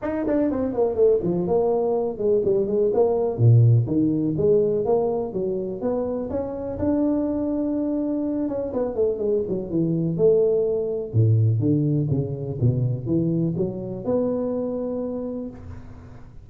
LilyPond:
\new Staff \with { instrumentName = "tuba" } { \time 4/4 \tempo 4 = 124 dis'8 d'8 c'8 ais8 a8 f8 ais4~ | ais8 gis8 g8 gis8 ais4 ais,4 | dis4 gis4 ais4 fis4 | b4 cis'4 d'2~ |
d'4. cis'8 b8 a8 gis8 fis8 | e4 a2 a,4 | d4 cis4 b,4 e4 | fis4 b2. | }